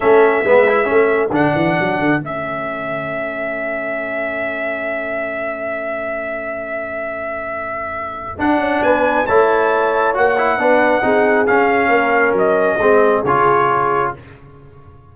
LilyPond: <<
  \new Staff \with { instrumentName = "trumpet" } { \time 4/4 \tempo 4 = 136 e''2. fis''4~ | fis''4 e''2.~ | e''1~ | e''1~ |
e''2. fis''4 | gis''4 a''2 fis''4~ | fis''2 f''2 | dis''2 cis''2 | }
  \new Staff \with { instrumentName = "horn" } { \time 4/4 a'4 b'4 a'2~ | a'1~ | a'1~ | a'1~ |
a'1 | b'4 cis''2. | b'4 gis'2 ais'4~ | ais'4 gis'2. | }
  \new Staff \with { instrumentName = "trombone" } { \time 4/4 cis'4 b8 e'8 cis'4 d'4~ | d'4 cis'2.~ | cis'1~ | cis'1~ |
cis'2. d'4~ | d'4 e'2 fis'8 e'8 | d'4 dis'4 cis'2~ | cis'4 c'4 f'2 | }
  \new Staff \with { instrumentName = "tuba" } { \time 4/4 a4 gis4 a4 d8 e8 | fis8 d8 a2.~ | a1~ | a1~ |
a2. d'8 cis'8 | b4 a2 ais4 | b4 c'4 cis'4 ais4 | fis4 gis4 cis2 | }
>>